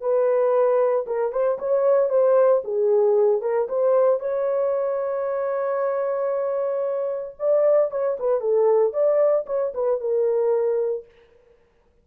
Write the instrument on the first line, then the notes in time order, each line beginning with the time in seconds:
horn
0.00 B4
1.06 A#4
1.32 C5
1.58 C#5
2.09 C5
2.64 G#4
3.41 A#4
3.68 C5
4.19 C#5
7.39 D5
7.91 C#5
8.19 B4
8.40 A4
8.93 D5
9.46 C#5
9.74 B4
10.00 A#4